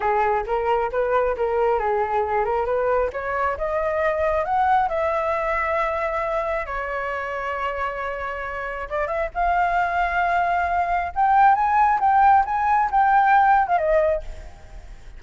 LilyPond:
\new Staff \with { instrumentName = "flute" } { \time 4/4 \tempo 4 = 135 gis'4 ais'4 b'4 ais'4 | gis'4. ais'8 b'4 cis''4 | dis''2 fis''4 e''4~ | e''2. cis''4~ |
cis''1 | d''8 e''8 f''2.~ | f''4 g''4 gis''4 g''4 | gis''4 g''4.~ g''16 f''16 dis''4 | }